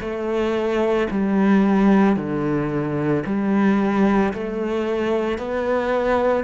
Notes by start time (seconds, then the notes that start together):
0.00 A3
1.11 G3
2.16 D3
3.26 G3
4.33 A3
5.38 B3